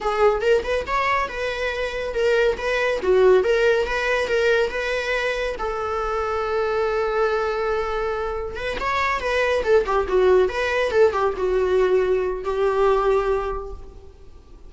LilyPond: \new Staff \with { instrumentName = "viola" } { \time 4/4 \tempo 4 = 140 gis'4 ais'8 b'8 cis''4 b'4~ | b'4 ais'4 b'4 fis'4 | ais'4 b'4 ais'4 b'4~ | b'4 a'2.~ |
a'1 | b'8 cis''4 b'4 a'8 g'8 fis'8~ | fis'8 b'4 a'8 g'8 fis'4.~ | fis'4 g'2. | }